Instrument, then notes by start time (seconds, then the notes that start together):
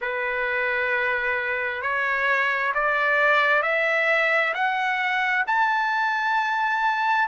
trumpet
0.01 B4
1.81 C#5
2.74 D5
3.62 E5
4.53 F#5
5.47 A5